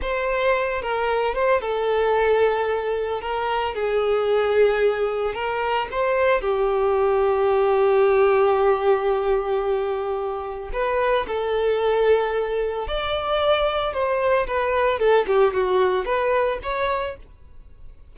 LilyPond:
\new Staff \with { instrumentName = "violin" } { \time 4/4 \tempo 4 = 112 c''4. ais'4 c''8 a'4~ | a'2 ais'4 gis'4~ | gis'2 ais'4 c''4 | g'1~ |
g'1 | b'4 a'2. | d''2 c''4 b'4 | a'8 g'8 fis'4 b'4 cis''4 | }